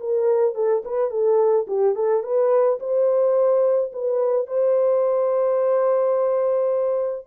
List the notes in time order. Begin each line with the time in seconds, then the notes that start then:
0.00 A#4
0.55 A4
0.85 B4
1.10 A4
1.67 G4
1.95 A4
2.23 B4
2.79 C5
3.93 B4
4.47 C5